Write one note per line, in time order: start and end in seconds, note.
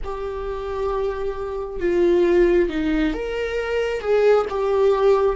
0.04 1.80 G4
1.80 2.69 F4
2.69 3.13 D#4
3.13 4.01 A#4
4.01 4.45 G#4
4.49 5.35 G4